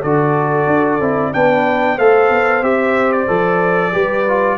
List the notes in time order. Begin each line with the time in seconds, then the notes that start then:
0.00 D3 F#4 A4 D5
0.66 D4
0.99 C4 E4
1.33 B3 D4 B4 G5
1.96 A3 A4 C5 F5
2.29 B3
2.62 C4 G4 E5
3.12 D5
3.27 F3 A4
3.92 G3 G4 B4
4.27 F4